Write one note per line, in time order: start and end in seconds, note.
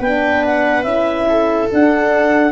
0.00 0.84 B3
0.00 0.85 D4
0.00 1.27 B4
0.00 0.45 G5
0.46 0.83 F#5
0.83 1.69 C#4
0.83 1.69 E4
0.83 1.68 E5
1.29 2.52 A4
1.71 2.52 D4
1.71 2.52 F#5